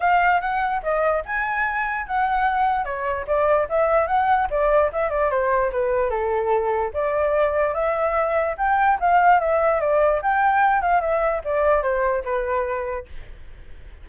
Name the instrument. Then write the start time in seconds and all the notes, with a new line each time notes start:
flute
0.00 F5
0.40 F#5
0.82 D#5
1.25 G#5
2.06 F#5
2.84 C#5
3.27 D5
3.69 E5
4.07 F#5
4.50 D5
4.92 E5
5.09 D5
5.30 C5
5.72 B4
6.10 A4
6.93 D5
7.74 E5
8.57 G5
9.00 F5
9.40 E5
9.80 D5
10.22 G5
10.81 F5
11.00 E5
11.44 D5
11.82 C5
12.24 B4